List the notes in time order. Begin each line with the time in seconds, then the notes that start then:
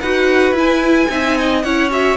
0.00 D#4 F#4 B4 F#5
0.52 E4
0.58 G#5
1.09 C4 D#4 E5
1.38 D#5
1.62 C#4 E4 C#5 F#5
1.90 F#4 E5